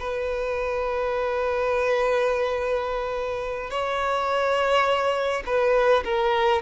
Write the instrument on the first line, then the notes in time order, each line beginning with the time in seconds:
violin
0.00 B4
3.70 C#5
5.46 B4
6.04 A#4